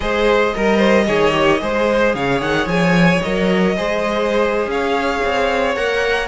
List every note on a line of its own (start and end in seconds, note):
0.00 0.54 G#3
0.00 0.53 G#4
0.00 0.55 C5
0.00 2.12 D#5
0.54 1.07 G3
0.54 1.06 A#4
0.54 0.77 A#4
0.77 1.04 C5
1.06 1.61 D#3
1.06 1.31 G#4
1.06 1.60 C#5
1.31 1.58 G4
1.60 2.14 G#3
1.60 3.21 G#4
1.60 2.15 C5
2.14 2.40 C#3
2.14 3.75 C#5
2.14 2.41 F5
2.40 2.66 D#3
2.40 2.68 F#5
2.66 3.19 F3
2.66 3.22 G#5
3.22 3.77 F#3
3.22 3.77 A#4
3.22 4.69 D#5
3.76 4.66 G#3
3.76 5.76 G#4
3.76 4.70 C5
4.66 5.20 C#4
4.66 6.28 C#5
4.66 5.75 F5
5.24 5.76 C4
5.75 6.28 A#3
5.75 6.28 A#4
5.75 6.28 F#5